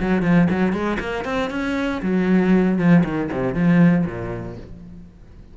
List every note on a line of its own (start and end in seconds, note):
0.00 0.22 F#3
0.22 0.48 F3
0.50 0.72 F#3
0.72 0.98 G#3
0.99 1.25 A#3
1.25 1.50 C4
1.50 2.01 C#4
2.02 2.78 F#3
2.78 3.03 F3
3.04 3.30 D#3
3.32 3.54 C3
3.54 4.05 F3
4.06 4.57 A#2